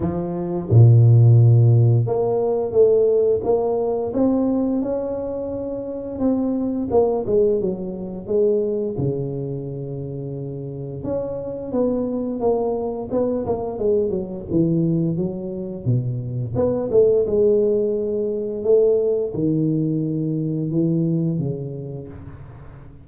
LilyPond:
\new Staff \with { instrumentName = "tuba" } { \time 4/4 \tempo 4 = 87 f4 ais,2 ais4 | a4 ais4 c'4 cis'4~ | cis'4 c'4 ais8 gis8 fis4 | gis4 cis2. |
cis'4 b4 ais4 b8 ais8 | gis8 fis8 e4 fis4 b,4 | b8 a8 gis2 a4 | dis2 e4 cis4 | }